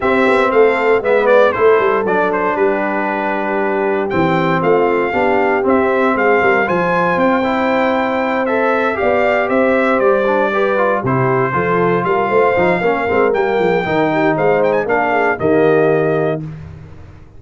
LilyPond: <<
  \new Staff \with { instrumentName = "trumpet" } { \time 4/4 \tempo 4 = 117 e''4 f''4 e''8 d''8 c''4 | d''8 c''8 b'2. | g''4 f''2 e''4 | f''4 gis''4 g''2~ |
g''8 e''4 f''4 e''4 d''8~ | d''4. c''2 f''8~ | f''2 g''2 | f''8 g''16 gis''16 f''4 dis''2 | }
  \new Staff \with { instrumentName = "horn" } { \time 4/4 g'4 a'4 b'4 a'4~ | a'4 g'2.~ | g'4 f'4 g'2 | gis'8 ais'8 c''2.~ |
c''4. d''4 c''4.~ | c''8 b'4 g'4 a'4 ais'8 | c''4 ais'4. gis'8 ais'8 g'8 | c''4 ais'8 gis'8 g'2 | }
  \new Staff \with { instrumentName = "trombone" } { \time 4/4 c'2 b4 e'4 | d'1 | c'2 d'4 c'4~ | c'4 f'4. e'4.~ |
e'8 a'4 g'2~ g'8 | d'8 g'8 f'8 e'4 f'4.~ | f'8 dis'8 cis'8 c'8 ais4 dis'4~ | dis'4 d'4 ais2 | }
  \new Staff \with { instrumentName = "tuba" } { \time 4/4 c'8 b8 a4 gis4 a8 g8 | fis4 g2. | e4 a4 b4 c'4 | gis8 g8 f4 c'2~ |
c'4. b4 c'4 g8~ | g4. c4 f4 g8 | a8 f8 ais8 gis8 g8 f8 dis4 | gis4 ais4 dis2 | }
>>